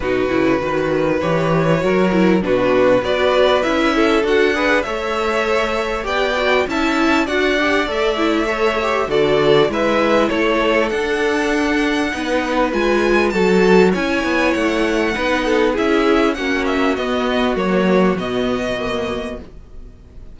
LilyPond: <<
  \new Staff \with { instrumentName = "violin" } { \time 4/4 \tempo 4 = 99 b'2 cis''2 | b'4 d''4 e''4 fis''4 | e''2 g''4 a''4 | fis''4 e''2 d''4 |
e''4 cis''4 fis''2~ | fis''4 gis''4 a''4 gis''4 | fis''2 e''4 fis''8 e''8 | dis''4 cis''4 dis''2 | }
  \new Staff \with { instrumentName = "violin" } { \time 4/4 fis'4 b'2 ais'4 | fis'4 b'4. a'4 b'8 | cis''2 d''4 e''4 | d''2 cis''4 a'4 |
b'4 a'2. | b'2 a'4 cis''4~ | cis''4 b'8 a'8 gis'4 fis'4~ | fis'1 | }
  \new Staff \with { instrumentName = "viola" } { \time 4/4 dis'8 e'8 fis'4 g'4 fis'8 e'8 | d'4 fis'4 e'4 fis'8 gis'8 | a'2 g'8 fis'8 e'4 | fis'8 g'8 a'8 e'8 a'8 g'8 fis'4 |
e'2 d'2 | dis'4 f'4 fis'4 e'4~ | e'4 dis'4 e'4 cis'4 | b4 ais4 b4 ais4 | }
  \new Staff \with { instrumentName = "cello" } { \time 4/4 b,8 cis8 dis4 e4 fis4 | b,4 b4 cis'4 d'4 | a2 b4 cis'4 | d'4 a2 d4 |
gis4 a4 d'2 | b4 gis4 fis4 cis'8 b8 | a4 b4 cis'4 ais4 | b4 fis4 b,2 | }
>>